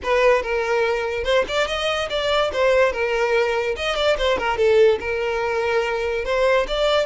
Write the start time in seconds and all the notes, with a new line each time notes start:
0.03 B4
0.42 A#4
1.24 C5
1.48 D5
1.67 D#5
2.09 D5
2.52 C5
2.92 A#4
3.76 D#5
3.95 D5
4.18 C5
4.37 A#4
4.57 A4
5.00 A#4
6.24 C5
6.67 D5